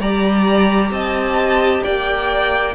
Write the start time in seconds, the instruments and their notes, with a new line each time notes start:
0.00 cello G3, viola G4, violin D5 A#5
0.91 cello C4, violin D#5 A5
1.84 cello A#3, violin D5 G5